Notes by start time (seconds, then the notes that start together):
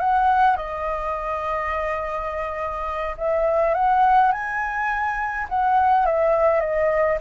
0.00 F#5
0.57 D#5
3.18 E5
3.74 F#5
4.32 G#5
5.49 F#5
6.06 E5
6.60 D#5